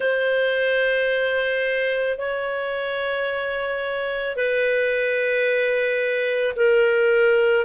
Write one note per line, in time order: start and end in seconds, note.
0.00 2.18 C5
2.18 4.36 C#5
4.36 6.54 B4
6.56 7.65 A#4